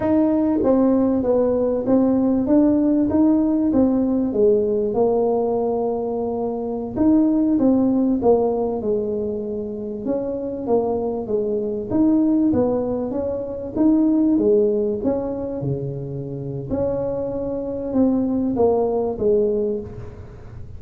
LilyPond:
\new Staff \with { instrumentName = "tuba" } { \time 4/4 \tempo 4 = 97 dis'4 c'4 b4 c'4 | d'4 dis'4 c'4 gis4 | ais2.~ ais16 dis'8.~ | dis'16 c'4 ais4 gis4.~ gis16~ |
gis16 cis'4 ais4 gis4 dis'8.~ | dis'16 b4 cis'4 dis'4 gis8.~ | gis16 cis'4 cis4.~ cis16 cis'4~ | cis'4 c'4 ais4 gis4 | }